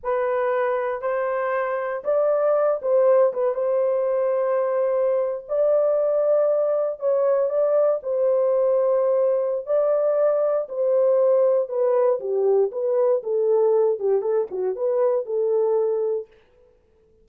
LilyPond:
\new Staff \with { instrumentName = "horn" } { \time 4/4 \tempo 4 = 118 b'2 c''2 | d''4. c''4 b'8 c''4~ | c''2~ c''8. d''4~ d''16~ | d''4.~ d''16 cis''4 d''4 c''16~ |
c''2. d''4~ | d''4 c''2 b'4 | g'4 b'4 a'4. g'8 | a'8 fis'8 b'4 a'2 | }